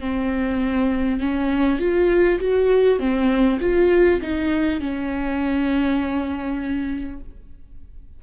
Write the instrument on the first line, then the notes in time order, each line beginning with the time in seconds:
viola
0.00 C4
1.20 C#4
1.79 F4
2.40 F#4
2.99 C4
3.61 F4
4.21 D#4
4.80 C#4